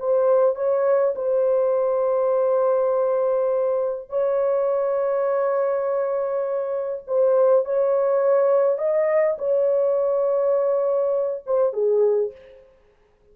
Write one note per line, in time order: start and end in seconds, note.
0.00 0.56 C5
0.56 1.15 C#5
1.16 4.10 C5
4.10 7.04 C#5
7.08 7.65 C5
7.65 8.79 C#5
8.79 9.37 D#5
9.39 11.44 C#5
11.47 11.74 C5
11.74 12.32 G#4